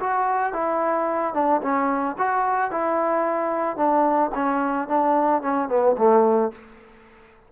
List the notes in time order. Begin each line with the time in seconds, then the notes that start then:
0.00 F#4
0.53 E4
1.34 D4
1.62 C#4
2.18 F#4
2.71 E4
3.76 D4
4.34 C#4
4.88 D4
5.42 C#4
5.69 B3
5.98 A3